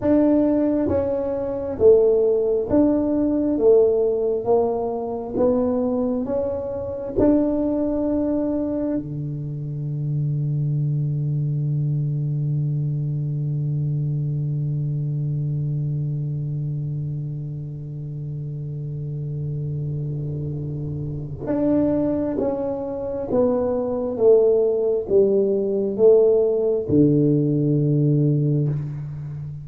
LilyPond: \new Staff \with { instrumentName = "tuba" } { \time 4/4 \tempo 4 = 67 d'4 cis'4 a4 d'4 | a4 ais4 b4 cis'4 | d'2 d2~ | d1~ |
d1~ | d1 | d'4 cis'4 b4 a4 | g4 a4 d2 | }